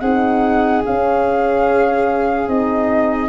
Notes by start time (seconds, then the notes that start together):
0.00 C4 D#4 G#4 F#5
0.85 C#4 F5
2.47 C4 D#4 D#5